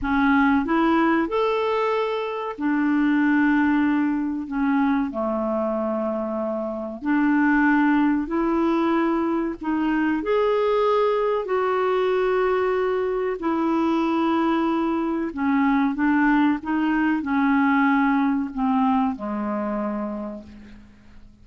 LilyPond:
\new Staff \with { instrumentName = "clarinet" } { \time 4/4 \tempo 4 = 94 cis'4 e'4 a'2 | d'2. cis'4 | a2. d'4~ | d'4 e'2 dis'4 |
gis'2 fis'2~ | fis'4 e'2. | cis'4 d'4 dis'4 cis'4~ | cis'4 c'4 gis2 | }